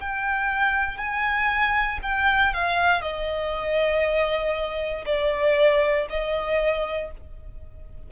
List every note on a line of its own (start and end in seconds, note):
0.00 0.98 G5
0.98 2.00 G#5
2.03 2.54 G5
2.54 3.02 F5
3.02 5.05 D#5
5.06 6.07 D5
6.10 7.11 D#5